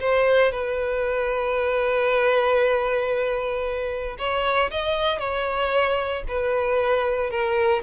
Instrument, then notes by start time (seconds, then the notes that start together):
violin
0.00 C5
0.52 B4
4.18 C#5
4.71 D#5
5.19 C#5
6.28 B4
7.30 A#4